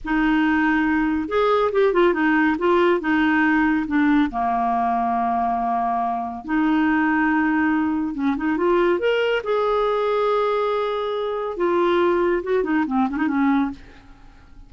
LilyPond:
\new Staff \with { instrumentName = "clarinet" } { \time 4/4 \tempo 4 = 140 dis'2. gis'4 | g'8 f'8 dis'4 f'4 dis'4~ | dis'4 d'4 ais2~ | ais2. dis'4~ |
dis'2. cis'8 dis'8 | f'4 ais'4 gis'2~ | gis'2. f'4~ | f'4 fis'8 dis'8 c'8 cis'16 dis'16 cis'4 | }